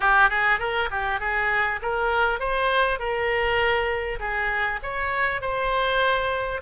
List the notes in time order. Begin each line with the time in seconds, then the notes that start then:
0.00 G4
0.29 G#4
0.59 A#4
0.90 G4
1.20 G#4
1.82 A#4
2.39 C5
2.99 A#4
4.19 G#4
4.82 C#5
5.41 C5